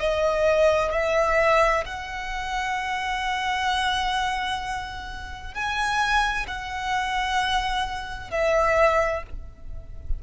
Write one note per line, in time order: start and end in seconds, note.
0.00 0.92 D#5
0.92 1.85 E5
1.86 5.54 F#5
5.54 6.47 G#5
6.47 8.31 F#5
8.31 9.23 E5